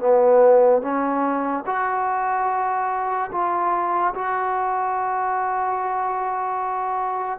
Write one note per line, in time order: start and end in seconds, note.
0.00 0.82 B3
0.82 1.64 C#4
1.67 3.31 F#4
3.32 4.14 F4
4.15 7.39 F#4